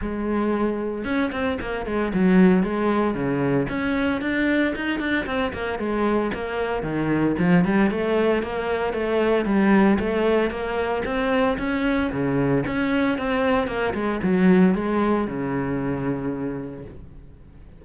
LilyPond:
\new Staff \with { instrumentName = "cello" } { \time 4/4 \tempo 4 = 114 gis2 cis'8 c'8 ais8 gis8 | fis4 gis4 cis4 cis'4 | d'4 dis'8 d'8 c'8 ais8 gis4 | ais4 dis4 f8 g8 a4 |
ais4 a4 g4 a4 | ais4 c'4 cis'4 cis4 | cis'4 c'4 ais8 gis8 fis4 | gis4 cis2. | }